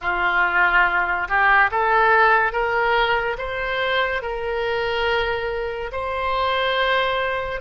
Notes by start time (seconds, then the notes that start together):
0.01 F4
1.28 G4
1.71 A4
2.52 A#4
3.38 C5
4.22 A#4
5.92 C5